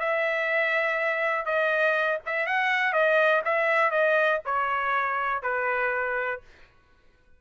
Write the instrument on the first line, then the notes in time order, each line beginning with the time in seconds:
trumpet
0.00 E5
1.46 D#5
2.26 E5
2.47 F#5
2.93 D#5
3.45 E5
3.91 D#5
4.46 C#5
5.43 B4